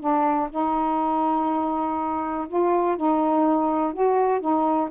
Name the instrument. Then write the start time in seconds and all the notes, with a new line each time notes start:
saxophone
0.00 D4
0.50 D#4
2.48 F4
2.97 D#4
3.93 F#4
4.40 D#4